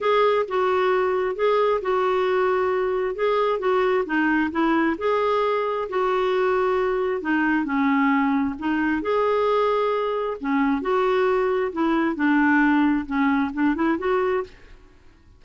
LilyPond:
\new Staff \with { instrumentName = "clarinet" } { \time 4/4 \tempo 4 = 133 gis'4 fis'2 gis'4 | fis'2. gis'4 | fis'4 dis'4 e'4 gis'4~ | gis'4 fis'2. |
dis'4 cis'2 dis'4 | gis'2. cis'4 | fis'2 e'4 d'4~ | d'4 cis'4 d'8 e'8 fis'4 | }